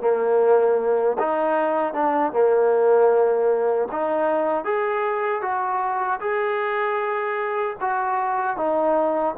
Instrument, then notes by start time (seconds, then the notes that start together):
trombone
0.00 A#3
1.18 D#4
1.93 D4
2.32 A#3
3.91 D#4
4.64 G#4
5.41 F#4
6.20 G#4
7.80 F#4
8.56 D#4